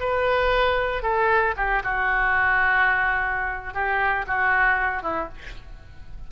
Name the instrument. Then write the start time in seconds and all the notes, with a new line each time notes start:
oboe
0.00 B4
1.03 A4
1.57 G4
1.84 F#4
3.74 G4
4.27 F#4
5.03 E4